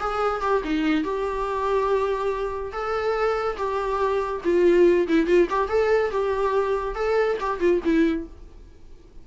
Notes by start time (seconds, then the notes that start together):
0.00 G#4
0.41 G4
0.64 D#4
1.04 G4
2.73 A4
3.57 G4
4.44 F4
5.08 E4
5.27 F4
5.50 G4
5.69 A4
6.11 G4
6.95 A4
7.40 G4
7.60 F4
7.85 E4